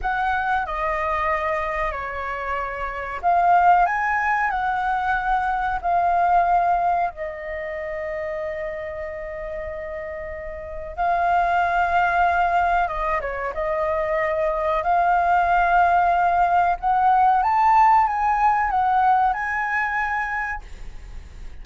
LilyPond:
\new Staff \with { instrumentName = "flute" } { \time 4/4 \tempo 4 = 93 fis''4 dis''2 cis''4~ | cis''4 f''4 gis''4 fis''4~ | fis''4 f''2 dis''4~ | dis''1~ |
dis''4 f''2. | dis''8 cis''8 dis''2 f''4~ | f''2 fis''4 a''4 | gis''4 fis''4 gis''2 | }